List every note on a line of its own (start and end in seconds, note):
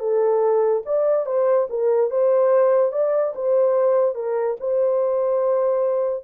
0.00 0.83 A4
0.86 1.27 D5
1.27 1.68 C5
1.70 2.11 A#4
2.11 2.92 C5
2.92 3.34 D5
3.36 4.15 C5
4.15 4.57 A#4
4.60 6.25 C5